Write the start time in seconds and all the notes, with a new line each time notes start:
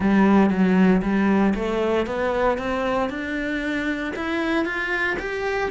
0.00 G3
0.49 F#3
1.02 G3
1.54 A3
2.06 B3
2.58 C4
3.09 D4
4.16 E4
4.65 F4
5.19 G4